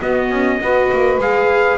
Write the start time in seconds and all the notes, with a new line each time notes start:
0.00 B3 F#4 D#5
0.30 C#4
0.61 B3 F#4 B4
0.93 A#3
1.18 G#3 G#4 F5